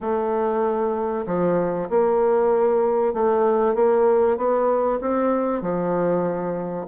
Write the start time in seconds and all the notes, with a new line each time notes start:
0.00 A3
1.26 F3
1.89 A#3
3.13 A3
3.74 A#3
4.37 B3
5.00 C4
5.61 F3